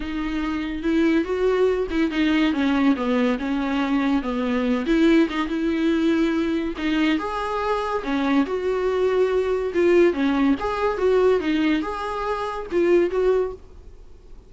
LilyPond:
\new Staff \with { instrumentName = "viola" } { \time 4/4 \tempo 4 = 142 dis'2 e'4 fis'4~ | fis'8 e'8 dis'4 cis'4 b4 | cis'2 b4. e'8~ | e'8 dis'8 e'2. |
dis'4 gis'2 cis'4 | fis'2. f'4 | cis'4 gis'4 fis'4 dis'4 | gis'2 f'4 fis'4 | }